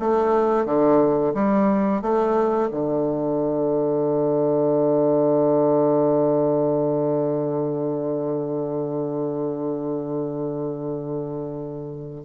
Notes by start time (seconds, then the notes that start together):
0.00 A3
0.65 D3
1.34 G3
2.02 A3
2.71 D3